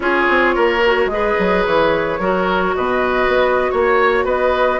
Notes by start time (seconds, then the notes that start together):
0.00 C#4 F4 G#4 C#5
0.28 C4
0.55 A#3 A#4
0.86 F#4
1.05 G#3 G#4 D#5
1.13 B4
1.38 F#3
1.65 E3 C#5
2.19 F#3 F#4 A#4
2.75 B2 B4 D#5
3.28 B3
3.70 A#3 C#5
4.24 B3 B4 D#5